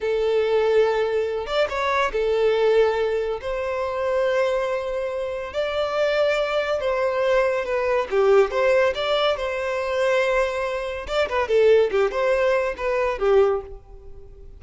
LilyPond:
\new Staff \with { instrumentName = "violin" } { \time 4/4 \tempo 4 = 141 a'2.~ a'8 d''8 | cis''4 a'2. | c''1~ | c''4 d''2. |
c''2 b'4 g'4 | c''4 d''4 c''2~ | c''2 d''8 b'8 a'4 | g'8 c''4. b'4 g'4 | }